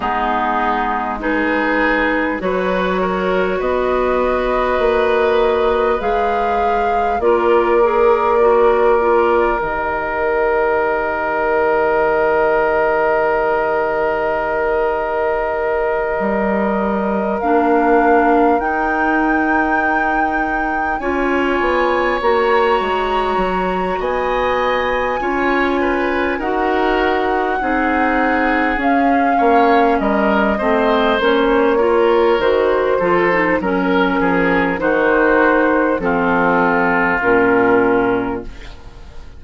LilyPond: <<
  \new Staff \with { instrumentName = "flute" } { \time 4/4 \tempo 4 = 50 gis'4 b'4 cis''4 dis''4~ | dis''4 f''4 d''2 | dis''1~ | dis''2~ dis''8 f''4 g''8~ |
g''4. gis''4 ais''4. | gis''2 fis''2 | f''4 dis''4 cis''4 c''4 | ais'4 c''4 a'4 ais'4 | }
  \new Staff \with { instrumentName = "oboe" } { \time 4/4 dis'4 gis'4 b'8 ais'8 b'4~ | b'2 ais'2~ | ais'1~ | ais'1~ |
ais'4. cis''2~ cis''8 | dis''4 cis''8 b'8 ais'4 gis'4~ | gis'8 cis''8 ais'8 c''4 ais'4 a'8 | ais'8 gis'8 fis'4 f'2 | }
  \new Staff \with { instrumentName = "clarinet" } { \time 4/4 b4 dis'4 fis'2~ | fis'4 gis'4 f'8 gis'8 fis'8 f'8 | g'1~ | g'2~ g'8 d'4 dis'8~ |
dis'4. f'4 fis'4.~ | fis'4 f'4 fis'4 dis'4 | cis'4. c'8 cis'8 f'8 fis'8 f'16 dis'16 | cis'4 dis'4 c'4 cis'4 | }
  \new Staff \with { instrumentName = "bassoon" } { \time 4/4 gis2 fis4 b4 | ais4 gis4 ais2 | dis1~ | dis4. g4 ais4 dis'8~ |
dis'4. cis'8 b8 ais8 gis8 fis8 | b4 cis'4 dis'4 c'4 | cis'8 ais8 g8 a8 ais4 dis8 f8 | fis8 f8 dis4 f4 ais,4 | }
>>